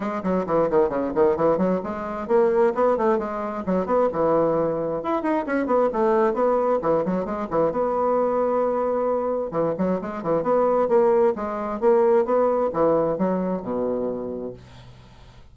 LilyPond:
\new Staff \with { instrumentName = "bassoon" } { \time 4/4 \tempo 4 = 132 gis8 fis8 e8 dis8 cis8 dis8 e8 fis8 | gis4 ais4 b8 a8 gis4 | fis8 b8 e2 e'8 dis'8 | cis'8 b8 a4 b4 e8 fis8 |
gis8 e8 b2.~ | b4 e8 fis8 gis8 e8 b4 | ais4 gis4 ais4 b4 | e4 fis4 b,2 | }